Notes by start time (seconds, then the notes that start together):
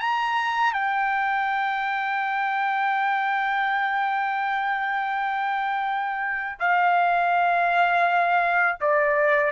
0.00 A#5
0.74 G5
6.60 F5
8.81 D5